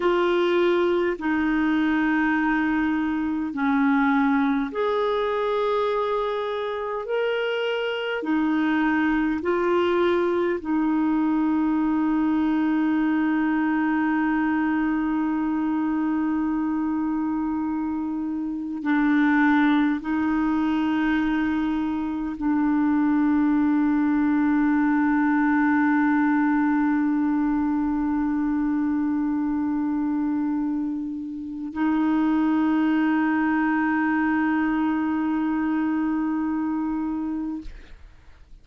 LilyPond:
\new Staff \with { instrumentName = "clarinet" } { \time 4/4 \tempo 4 = 51 f'4 dis'2 cis'4 | gis'2 ais'4 dis'4 | f'4 dis'2.~ | dis'1 |
d'4 dis'2 d'4~ | d'1~ | d'2. dis'4~ | dis'1 | }